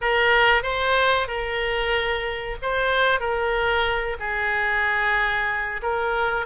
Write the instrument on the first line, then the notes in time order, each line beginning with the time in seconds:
oboe
0.01 A#4
0.62 C5
1.27 A#4
2.61 C5
3.19 A#4
4.19 G#4
5.82 A#4